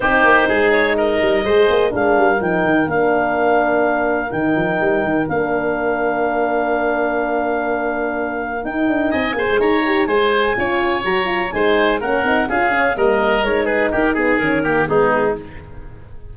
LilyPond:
<<
  \new Staff \with { instrumentName = "clarinet" } { \time 4/4 \tempo 4 = 125 c''4. cis''8 dis''2 | f''4 g''4 f''2~ | f''4 g''2 f''4~ | f''1~ |
f''2 g''4 gis''4 | ais''4 gis''2 ais''4 | gis''4 fis''4 f''4 dis''4 | cis''8 b'8 ais'8 gis'8 ais'4 gis'4 | }
  \new Staff \with { instrumentName = "oboe" } { \time 4/4 g'4 gis'4 ais'4 c''4 | ais'1~ | ais'1~ | ais'1~ |
ais'2. dis''8 c''8 | cis''4 c''4 cis''2 | c''4 ais'4 gis'4 ais'4~ | ais'8 gis'8 g'8 gis'4 g'8 dis'4 | }
  \new Staff \with { instrumentName = "horn" } { \time 4/4 dis'2. gis'4 | d'4 dis'4 d'2~ | d'4 dis'2 d'4~ | d'1~ |
d'2 dis'4. gis'8~ | gis'8 g'8 gis'4 f'4 fis'8 f'8 | dis'4 cis'8 dis'8 f'8 cis'8 ais4 | dis'4. b8 cis'8 ais8 b4 | }
  \new Staff \with { instrumentName = "tuba" } { \time 4/4 c'8 ais8 gis4. g8 gis8 ais8 | gis8 g8 f8 dis8 ais2~ | ais4 dis8 f8 g8 dis8 ais4~ | ais1~ |
ais2 dis'8 d'8 c'8 ais16 gis16 | dis'4 gis4 cis'4 fis4 | gis4 ais8 c'8 cis'4 g4 | gis4 dis'4 dis4 gis4 | }
>>